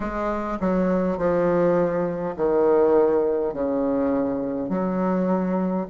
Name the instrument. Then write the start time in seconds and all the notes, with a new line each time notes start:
bassoon
0.00 G#3
0.60 F#3
1.17 F3
2.36 D#3
3.53 C#3
4.69 F#3